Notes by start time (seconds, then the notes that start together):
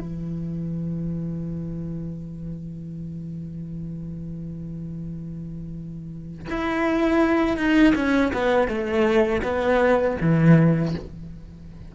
0.00 E3
6.50 E4
7.57 D#4
7.96 C#4
8.34 B3
8.68 A3
9.43 B3
10.21 E3